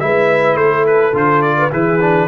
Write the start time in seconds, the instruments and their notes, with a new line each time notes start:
0.00 tuba G#3, trombone E4, horn B4, trumpet E5
0.55 tuba A3, horn A4, trumpet C5
0.86 trumpet B4
1.13 tuba D3, trombone F4, trumpet C5
1.42 trumpet D5
1.58 horn B4
1.71 tuba E3, trombone E4, horn G#4, trumpet B4
2.01 trombone D4